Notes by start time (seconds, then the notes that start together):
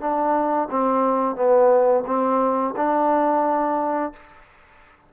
0.00 D4
0.70 C4
1.35 B3
2.06 C4
2.76 D4